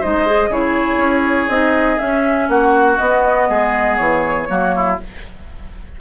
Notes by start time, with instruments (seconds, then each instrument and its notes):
0.00 bassoon G#3, clarinet D#4, oboe C5, flute D#5
0.26 clarinet G#4
0.48 bassoon C#3, clarinet E4, oboe G#4, flute C#5
0.97 bassoon C#4
1.48 bassoon C4, clarinet D#4, flute D#5
1.98 clarinet C#4, bassoon C#4, flute E5
2.48 bassoon A#3, oboe F#4, flute F#5
2.98 bassoon B3, clarinet B3, flute D#5
3.49 bassoon G#3, oboe G#4
3.96 bassoon E3, flute C#5
4.48 bassoon F#3, clarinet A#3, oboe F#4
4.76 oboe E4